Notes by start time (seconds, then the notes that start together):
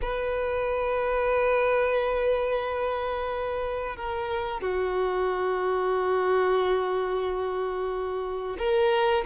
0.01 B4
3.96 A#4
4.61 F#4
8.58 A#4